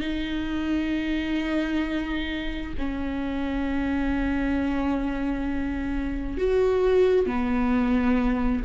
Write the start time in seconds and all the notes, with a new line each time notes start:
0.00 D#4
2.78 C#4
6.38 F#4
7.26 B3